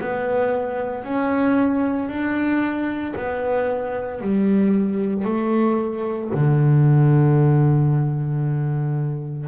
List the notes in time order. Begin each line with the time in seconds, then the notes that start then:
0.00 B3
1.04 C#4
2.08 D4
3.16 B3
4.21 G3
5.24 A3
6.33 D3